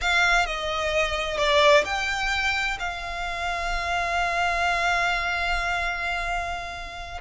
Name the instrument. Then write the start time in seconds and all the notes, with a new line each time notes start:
violin
0.01 F5
0.46 D#5
1.37 D5
1.85 G5
2.79 F5